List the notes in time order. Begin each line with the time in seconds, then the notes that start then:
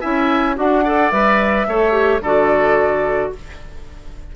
0.00 C#4 E4 E5 G#5
0.55 D4 F#4 F#5
0.84 A4 D5
1.11 G3 B4 E5
1.67 A3 A4 C#5
1.92 G4
2.20 D3 F#4 A4 D5